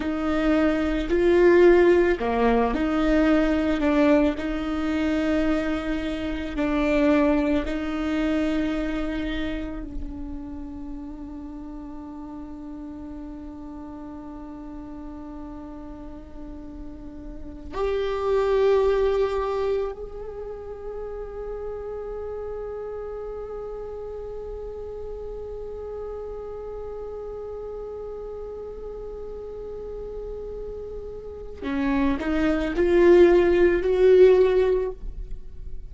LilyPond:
\new Staff \with { instrumentName = "viola" } { \time 4/4 \tempo 4 = 55 dis'4 f'4 ais8 dis'4 d'8 | dis'2 d'4 dis'4~ | dis'4 d'2.~ | d'1~ |
d'16 g'2 gis'4.~ gis'16~ | gis'1~ | gis'1~ | gis'4 cis'8 dis'8 f'4 fis'4 | }